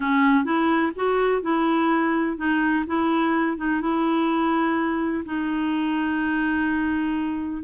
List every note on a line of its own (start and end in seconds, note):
0.00 0.44 C#4
0.44 0.92 E4
0.95 1.42 F#4
1.42 2.37 E4
2.37 2.84 D#4
2.87 3.57 E4
3.57 3.81 D#4
3.81 5.24 E4
5.25 7.63 D#4